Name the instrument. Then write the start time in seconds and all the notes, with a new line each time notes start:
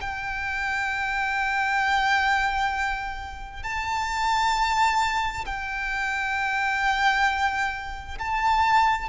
violin
0.00 G5
3.63 A5
5.45 G5
8.18 A5